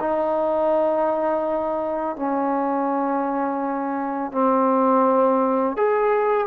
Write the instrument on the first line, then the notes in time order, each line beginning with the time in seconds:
trombone
0.00 D#4
2.16 C#4
4.32 C4
5.77 G#4